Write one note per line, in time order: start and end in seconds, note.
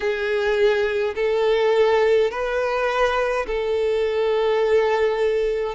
0.00 1.14 G#4
1.15 2.30 A4
2.30 3.46 B4
3.46 5.75 A4